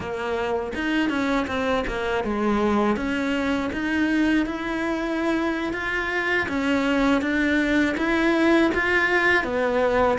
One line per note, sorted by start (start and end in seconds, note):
0.00 0.72 A#3
0.74 1.09 D#4
1.09 1.46 C#4
1.47 1.84 C4
1.87 2.24 A#3
2.24 2.96 G#3
2.96 3.70 C#4
3.72 4.45 D#4
4.45 5.73 E4
5.73 6.47 F4
6.48 7.21 C#4
7.21 7.95 D4
7.97 8.71 E4
8.74 9.44 F4
9.44 10.18 B3